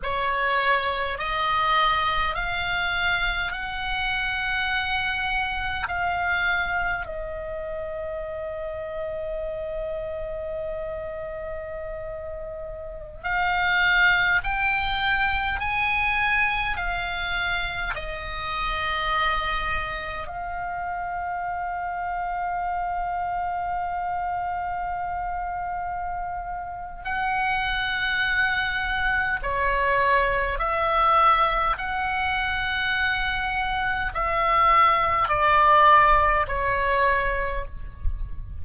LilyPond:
\new Staff \with { instrumentName = "oboe" } { \time 4/4 \tempo 4 = 51 cis''4 dis''4 f''4 fis''4~ | fis''4 f''4 dis''2~ | dis''2.~ dis''16 f''8.~ | f''16 g''4 gis''4 f''4 dis''8.~ |
dis''4~ dis''16 f''2~ f''8.~ | f''2. fis''4~ | fis''4 cis''4 e''4 fis''4~ | fis''4 e''4 d''4 cis''4 | }